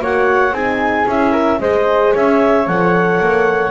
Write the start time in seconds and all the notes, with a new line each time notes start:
0.00 A#3 F#4 C#5 F#5
0.52 C4 D#4 G#4 G#5
1.07 C#4 E4 E5
1.32 A#4
1.60 G#3 G#4 C5 D#5
2.13 C#4 C#5 E5
2.67 F3 A4 F#5
3.21 A#3